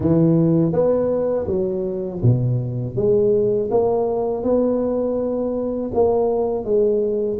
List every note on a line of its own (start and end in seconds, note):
0.00 0.72 E3
0.72 1.46 B3
1.46 2.21 F#3
2.22 2.96 B2
2.96 3.70 G#3
3.70 4.43 A#3
4.43 5.91 B3
5.94 6.64 A#3
6.64 7.38 G#3